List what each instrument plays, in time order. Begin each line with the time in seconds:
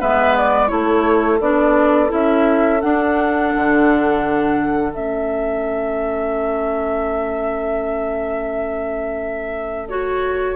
0.00 bassoon G#3, clarinet B3, oboe B4, flute E5
0.37 flute D5
0.68 bassoon A3, clarinet E4, oboe A4, flute C#5
1.41 bassoon B3, clarinet D4, flute D5
2.09 bassoon C#4, clarinet E4, flute E5
2.81 clarinet D4, bassoon D4, flute F#5
3.56 bassoon D3
4.92 bassoon A3, clarinet C#4, flute E5
9.89 clarinet F#4, flute C#5